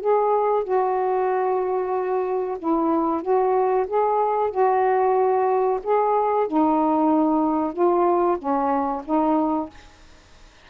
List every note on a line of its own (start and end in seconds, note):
0.00 0.64 G#4
0.64 2.57 F#4
2.59 3.22 E4
3.22 3.86 F#4
3.87 4.50 G#4
4.50 5.79 F#4
5.83 6.47 G#4
6.47 7.73 D#4
7.73 8.37 F4
8.38 9.02 C#4
9.05 9.69 D#4